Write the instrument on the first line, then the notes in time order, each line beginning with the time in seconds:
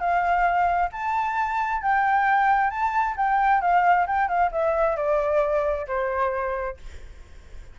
flute
0.00 F5
0.92 A5
1.83 G5
2.71 A5
3.17 G5
3.62 F5
4.07 G5
4.29 F5
4.52 E5
4.97 D5
5.88 C5